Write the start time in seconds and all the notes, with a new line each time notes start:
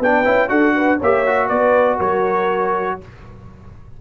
0.00 B3 D4 B4 G5
0.25 C#4 E4
0.49 D4 F#4 A4 F#5
0.76 B4
0.98 A#3 G4 C#5 E5
1.27 F#4
1.49 B3 B4 D5
1.97 F#3 A#4 C#5